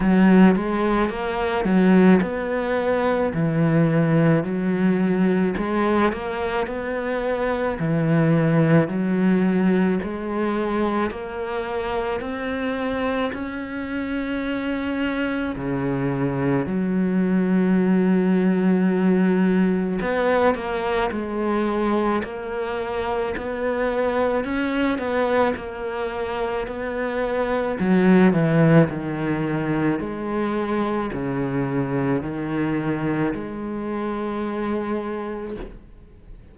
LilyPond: \new Staff \with { instrumentName = "cello" } { \time 4/4 \tempo 4 = 54 fis8 gis8 ais8 fis8 b4 e4 | fis4 gis8 ais8 b4 e4 | fis4 gis4 ais4 c'4 | cis'2 cis4 fis4~ |
fis2 b8 ais8 gis4 | ais4 b4 cis'8 b8 ais4 | b4 fis8 e8 dis4 gis4 | cis4 dis4 gis2 | }